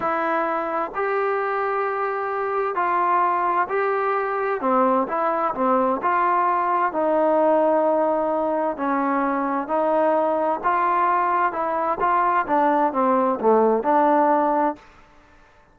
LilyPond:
\new Staff \with { instrumentName = "trombone" } { \time 4/4 \tempo 4 = 130 e'2 g'2~ | g'2 f'2 | g'2 c'4 e'4 | c'4 f'2 dis'4~ |
dis'2. cis'4~ | cis'4 dis'2 f'4~ | f'4 e'4 f'4 d'4 | c'4 a4 d'2 | }